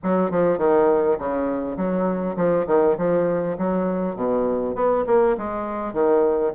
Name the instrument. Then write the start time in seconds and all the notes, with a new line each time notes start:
bassoon
0.03 F#3
0.31 F3
0.58 D#3
1.18 C#3
1.76 F#3
2.36 F3
2.67 D#3
2.97 F3
3.58 F#3
4.15 B2
4.75 B3
5.06 A#3
5.37 G#3
5.93 D#3